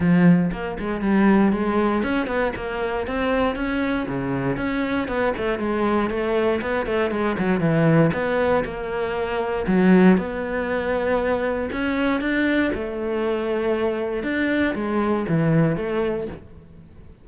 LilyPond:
\new Staff \with { instrumentName = "cello" } { \time 4/4 \tempo 4 = 118 f4 ais8 gis8 g4 gis4 | cis'8 b8 ais4 c'4 cis'4 | cis4 cis'4 b8 a8 gis4 | a4 b8 a8 gis8 fis8 e4 |
b4 ais2 fis4 | b2. cis'4 | d'4 a2. | d'4 gis4 e4 a4 | }